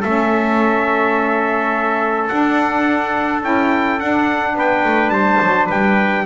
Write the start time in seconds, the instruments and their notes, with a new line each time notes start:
0.00 double bass A3, saxophone C#4, trumpet A4 E5
2.28 saxophone D4, double bass D4, trumpet F#5
3.42 double bass C#4, saxophone E4, trumpet G5
3.99 saxophone D4, double bass D4, trumpet F#5
4.54 double bass B3, trumpet B4 G5
4.84 double bass A3
5.09 double bass G3, trumpet C5 A5
5.42 double bass F#3
5.66 double bass G3, trumpet B4 G5